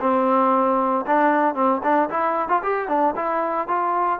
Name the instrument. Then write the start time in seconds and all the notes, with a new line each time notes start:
trombone
0.00 C4
1.07 D4
1.55 C4
1.83 D4
2.10 E4
2.49 F4
2.63 G4
2.88 D4
3.16 E4
3.68 F4